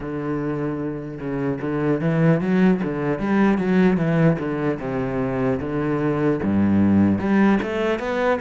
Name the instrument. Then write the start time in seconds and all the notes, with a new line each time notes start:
cello
0.00 D3
1.19 C#3
1.61 D3
2.00 E3
2.40 F#3
2.83 D3
3.19 G3
3.57 F#3
3.97 E3
4.39 D3
4.79 C3
5.60 D3
6.43 G2
7.19 G3
7.62 A3
7.99 B3